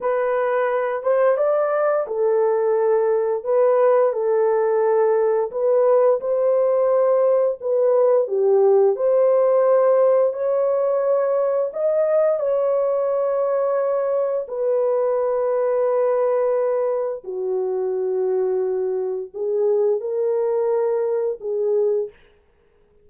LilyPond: \new Staff \with { instrumentName = "horn" } { \time 4/4 \tempo 4 = 87 b'4. c''8 d''4 a'4~ | a'4 b'4 a'2 | b'4 c''2 b'4 | g'4 c''2 cis''4~ |
cis''4 dis''4 cis''2~ | cis''4 b'2.~ | b'4 fis'2. | gis'4 ais'2 gis'4 | }